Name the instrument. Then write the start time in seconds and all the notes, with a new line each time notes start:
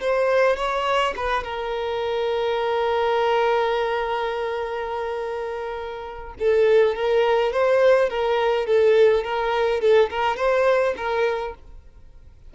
violin
0.00 C5
0.56 C#5
1.16 B4
1.43 A#4
6.39 A4
6.95 A#4
7.52 C5
8.09 A#4
8.66 A4
9.23 A#4
9.81 A4
10.10 A#4
10.36 C5
10.96 A#4